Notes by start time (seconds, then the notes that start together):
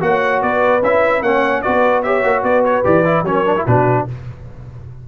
0.00 A#3 F#4 C#5 F#5
0.42 B3 B4 D5
0.82 C#4 E4 E5
1.22 A#3 C#4 C#5 F#5
1.62 B3 F#4 B4 D5
2.03 G4 C#5 E5
2.24 A#3 F#4
2.43 B3 B4 D5
2.65 C#5
2.84 E3 G4 D5
3.05 E4
3.23 F#3 C#4 A#4 C#5
3.46 D4
3.56 E4
3.67 B2 D4 F#4 B4